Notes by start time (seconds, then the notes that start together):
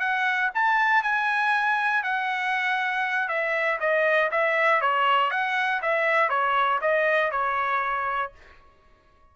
0.00 F#5
0.55 A5
1.03 G#5
2.04 F#5
3.29 E5
3.80 D#5
4.32 E5
4.81 C#5
5.31 F#5
5.82 E5
6.30 C#5
6.82 D#5
7.32 C#5